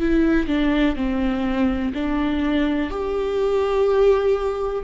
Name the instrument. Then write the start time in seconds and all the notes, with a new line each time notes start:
viola
0.00 E4
0.48 D4
0.96 C4
1.94 D4
2.90 G4